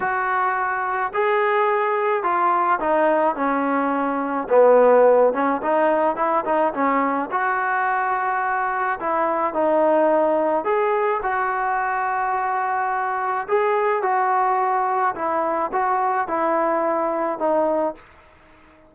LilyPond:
\new Staff \with { instrumentName = "trombone" } { \time 4/4 \tempo 4 = 107 fis'2 gis'2 | f'4 dis'4 cis'2 | b4. cis'8 dis'4 e'8 dis'8 | cis'4 fis'2. |
e'4 dis'2 gis'4 | fis'1 | gis'4 fis'2 e'4 | fis'4 e'2 dis'4 | }